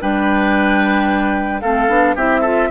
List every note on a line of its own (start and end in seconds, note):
0.00 1.63 G3
0.00 1.62 D4
0.00 1.62 B4
0.00 1.61 G5
1.61 1.88 A3
1.61 1.89 C4
1.61 2.16 A4
1.61 2.15 F5
1.88 2.15 B3
1.88 2.16 D4
2.16 2.70 C4
2.16 2.44 E4
2.16 2.41 G4
2.16 2.71 E5
2.41 2.71 F4
2.41 2.68 A4